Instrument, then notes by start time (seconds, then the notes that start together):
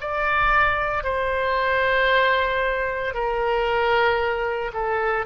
oboe
0.00 D5
1.03 C5
3.13 A#4
4.73 A4